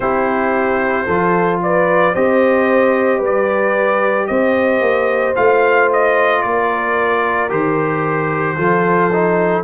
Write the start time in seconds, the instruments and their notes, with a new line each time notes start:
0.00 tuba C4, trombone E4, horn G4, trumpet C5
1.06 tuba F3, trombone F4, horn A4
1.62 horn B4, trumpet D5
2.13 tuba C4, trombone G4, horn C5, trumpet D#5
3.18 tuba G3, horn B4
3.25 trumpet D5
4.27 tuba C4, horn C5, trumpet D#5
4.80 tuba A#3
5.35 tuba A3, trombone F4, trumpet F5
5.92 trumpet D#5
6.42 tuba A#3, horn A#4, trumpet D5
7.49 tuba D#3, trombone G4, trumpet C5
8.56 tuba F3, trombone F4, horn A4
9.12 trombone D#4